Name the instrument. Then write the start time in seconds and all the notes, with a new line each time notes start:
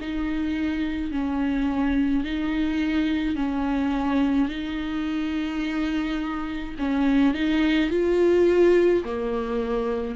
viola
0.00 D#4
1.12 C#4
2.24 D#4
3.36 C#4
4.49 D#4
6.79 C#4
7.34 D#4
7.90 F4
9.04 A#3